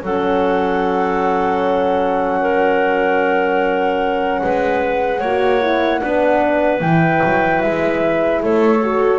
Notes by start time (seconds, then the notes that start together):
0.00 F#3 C#4 A4 F#5
2.41 A#4
4.43 G#3 B4
5.19 A#3 F#4 C#5
5.61 E4
6.00 B3 D4 B4
6.80 E3 E4 G5
7.24 F#3
7.61 G#3 E5
8.43 A3 A4 C#5
8.82 F#4